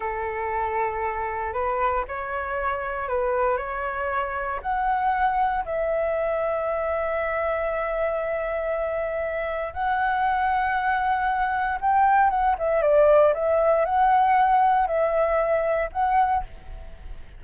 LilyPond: \new Staff \with { instrumentName = "flute" } { \time 4/4 \tempo 4 = 117 a'2. b'4 | cis''2 b'4 cis''4~ | cis''4 fis''2 e''4~ | e''1~ |
e''2. fis''4~ | fis''2. g''4 | fis''8 e''8 d''4 e''4 fis''4~ | fis''4 e''2 fis''4 | }